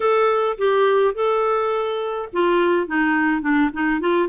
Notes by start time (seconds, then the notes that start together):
0.00 A4
0.57 G4
1.14 A4
2.32 F4
2.87 D#4
3.41 D4
3.73 D#4
4.00 F4